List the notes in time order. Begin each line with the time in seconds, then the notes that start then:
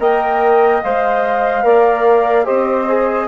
0.00 A#3 A#4 D#5 G5
0.83 G#3 C5 F5
1.64 A#3 A#4 D5
2.45 C4 G4 C5 D#5
2.89 G#4